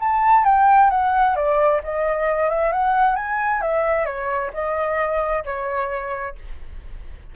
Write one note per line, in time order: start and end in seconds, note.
0.00 0.45 A5
0.45 0.90 G5
0.90 1.36 F#5
1.36 1.82 D5
1.84 2.50 D#5
2.50 2.72 E5
2.73 3.16 F#5
3.16 3.62 G#5
3.62 4.06 E5
4.06 4.51 C#5
4.54 5.44 D#5
5.45 6.36 C#5